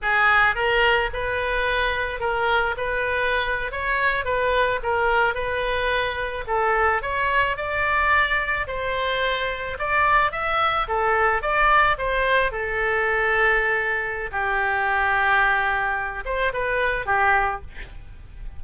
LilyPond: \new Staff \with { instrumentName = "oboe" } { \time 4/4 \tempo 4 = 109 gis'4 ais'4 b'2 | ais'4 b'4.~ b'16 cis''4 b'16~ | b'8. ais'4 b'2 a'16~ | a'8. cis''4 d''2 c''16~ |
c''4.~ c''16 d''4 e''4 a'16~ | a'8. d''4 c''4 a'4~ a'16~ | a'2 g'2~ | g'4. c''8 b'4 g'4 | }